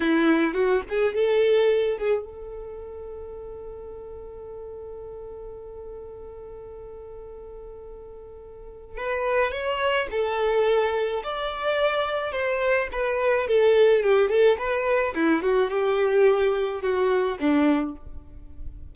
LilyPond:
\new Staff \with { instrumentName = "violin" } { \time 4/4 \tempo 4 = 107 e'4 fis'8 gis'8 a'4. gis'8 | a'1~ | a'1~ | a'1 |
b'4 cis''4 a'2 | d''2 c''4 b'4 | a'4 g'8 a'8 b'4 e'8 fis'8 | g'2 fis'4 d'4 | }